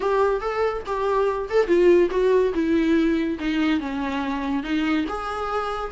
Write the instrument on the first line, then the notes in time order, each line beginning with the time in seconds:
viola
0.00 G4
0.40 A4
0.86 G4
1.49 A4
1.67 F4
2.10 F#4
2.54 E4
3.39 D#4
3.80 C#4
4.63 D#4
5.08 G#4